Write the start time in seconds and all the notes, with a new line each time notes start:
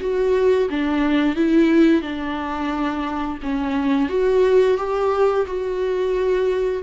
0.00 F#4
0.69 D4
1.36 E4
2.01 D4
3.42 C#4
4.09 F#4
4.77 G4
5.46 F#4